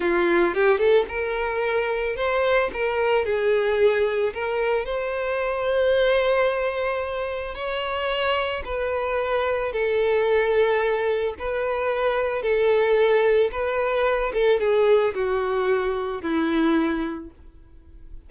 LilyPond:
\new Staff \with { instrumentName = "violin" } { \time 4/4 \tempo 4 = 111 f'4 g'8 a'8 ais'2 | c''4 ais'4 gis'2 | ais'4 c''2.~ | c''2 cis''2 |
b'2 a'2~ | a'4 b'2 a'4~ | a'4 b'4. a'8 gis'4 | fis'2 e'2 | }